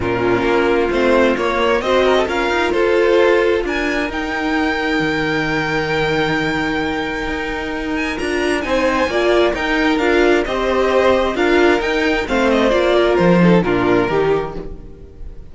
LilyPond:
<<
  \new Staff \with { instrumentName = "violin" } { \time 4/4 \tempo 4 = 132 ais'2 c''4 cis''4 | dis''4 f''4 c''2 | gis''4 g''2.~ | g''1~ |
g''4. gis''8 ais''4 gis''4~ | gis''4 g''4 f''4 dis''4~ | dis''4 f''4 g''4 f''8 dis''8 | d''4 c''4 ais'2 | }
  \new Staff \with { instrumentName = "violin" } { \time 4/4 f'1 | c''8 ais'16 a'16 ais'4 a'2 | ais'1~ | ais'1~ |
ais'2. c''4 | d''4 ais'2 c''4~ | c''4 ais'2 c''4~ | c''8 ais'4 a'8 f'4 g'4 | }
  \new Staff \with { instrumentName = "viola" } { \time 4/4 cis'2 c'4 ais4 | fis'4 f'2.~ | f'4 dis'2.~ | dis'1~ |
dis'2 f'4 dis'4 | f'4 dis'4 f'4 g'4~ | g'4 f'4 dis'4 c'4 | f'4. dis'8 d'4 dis'4 | }
  \new Staff \with { instrumentName = "cello" } { \time 4/4 ais,4 ais4 a4 ais4 | c'4 cis'8 dis'8 f'2 | d'4 dis'2 dis4~ | dis1 |
dis'2 d'4 c'4 | ais4 dis'4 d'4 c'4~ | c'4 d'4 dis'4 a4 | ais4 f4 ais,4 dis4 | }
>>